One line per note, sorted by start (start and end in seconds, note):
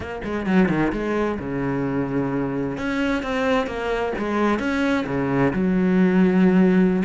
0.00 0.21 A#3
0.23 0.46 G#3
0.46 0.68 F#3
0.68 0.91 D#3
0.92 1.38 G#3
1.39 2.77 C#3
2.77 3.22 C#4
3.22 3.66 C4
3.66 4.12 A#3
4.18 4.59 G#3
4.59 5.05 C#4
5.06 5.52 C#3
5.53 7.03 F#3